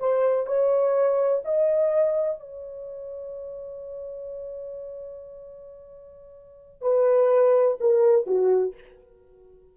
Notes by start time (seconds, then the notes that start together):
0.00 C5
0.47 C#5
1.45 D#5
2.40 C#5
6.82 B4
7.80 A#4
8.27 F#4